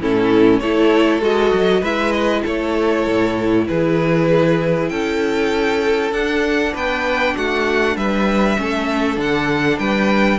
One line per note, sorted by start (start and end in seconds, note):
0.00 0.61 A2
0.00 0.62 C#4
0.00 0.60 E4
0.00 0.59 A4
0.59 1.21 A3
0.59 1.21 E4
0.59 1.80 A4
0.59 1.20 C#5
1.21 1.51 G#3
1.21 1.82 F#4
1.21 1.84 D#5
1.53 1.82 F#3
1.80 2.43 G#3
1.80 6.12 E4
1.80 2.42 B4
1.80 2.11 E5
2.11 2.42 D#5
2.43 3.07 A3
2.43 3.65 A4
2.43 3.67 C#5
3.07 3.68 A2
3.67 4.90 E3
3.67 4.91 G#4
3.67 4.89 B4
4.89 6.11 C#4
4.89 6.73 A4
4.89 6.11 G5
6.11 6.73 D4
6.11 8.57 D4
6.11 6.74 F#5
6.73 7.35 B3
6.73 7.34 B4
6.73 7.37 G5
7.36 7.96 A3
7.36 7.97 F#4
7.36 7.96 F#5
7.96 8.57 G3
7.96 8.59 B4
7.96 9.19 E5
8.57 9.17 A3
8.57 9.16 C#4
8.57 9.80 A4
9.16 9.78 D3
9.16 10.38 D4
9.16 9.78 F#5
9.78 10.38 G3
9.78 10.38 B4
9.78 10.38 G5